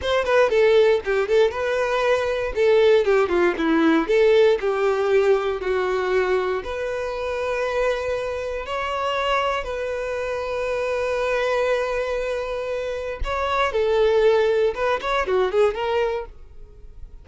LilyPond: \new Staff \with { instrumentName = "violin" } { \time 4/4 \tempo 4 = 118 c''8 b'8 a'4 g'8 a'8 b'4~ | b'4 a'4 g'8 f'8 e'4 | a'4 g'2 fis'4~ | fis'4 b'2.~ |
b'4 cis''2 b'4~ | b'1~ | b'2 cis''4 a'4~ | a'4 b'8 cis''8 fis'8 gis'8 ais'4 | }